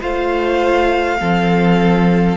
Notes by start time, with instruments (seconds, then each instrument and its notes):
0.00 cello A3, viola F4, violin C5 F5
1.20 cello F3, viola C4, violin A4